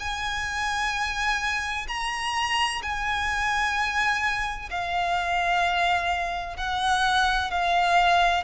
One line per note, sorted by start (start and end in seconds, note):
0.00 1.87 G#5
1.88 2.82 A#5
2.83 4.70 G#5
4.71 6.57 F5
6.57 7.51 F#5
7.51 8.44 F5